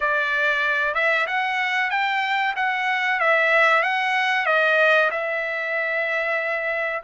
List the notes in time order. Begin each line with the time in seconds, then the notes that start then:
0.00 D5
0.94 E5
1.26 F#5
1.90 G5
2.56 F#5
3.19 E5
3.83 F#5
4.46 D#5
5.10 E5